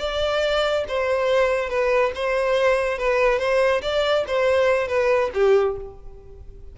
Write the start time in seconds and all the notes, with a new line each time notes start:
0.00 D5
0.89 C5
1.70 B4
2.15 C5
2.99 B4
3.39 C5
3.82 D5
4.28 C5
4.88 B4
5.34 G4